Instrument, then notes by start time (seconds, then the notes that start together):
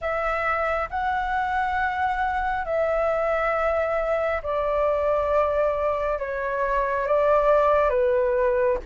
flute
0.01 E5
0.90 F#5
2.65 E5
4.42 D5
6.18 C#5
7.06 D5
7.89 B4